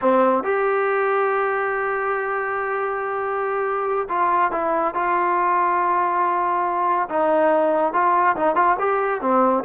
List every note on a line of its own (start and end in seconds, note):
0.01 0.43 C4
0.43 4.08 G4
4.08 4.51 F4
4.51 4.94 E4
4.94 7.08 F4
7.09 7.93 D#4
7.93 8.36 F4
8.36 8.55 D#4
8.55 8.77 F4
8.79 9.21 G4
9.21 9.64 C4